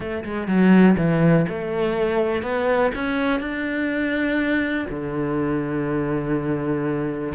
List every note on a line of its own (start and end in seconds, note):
0.00 0.24 A3
0.24 0.47 G#3
0.47 0.96 F#3
0.97 1.45 E3
1.49 2.42 A3
2.42 2.91 B3
2.94 3.39 C#4
3.39 4.86 D4
4.89 7.33 D3